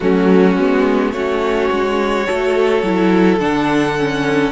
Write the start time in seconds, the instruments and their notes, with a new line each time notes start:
0.00 cello F#3, viola A3, violin C#4 F#4
0.57 cello G#3, viola B3
1.12 cello A3, viola C#4, violin F#4 C#5
1.70 cello G#3
2.24 viola F#4, violin A4
2.30 cello A3
2.82 cello F#3, viola E4
3.39 cello D3, viola D4, violin F#5
3.99 viola C#4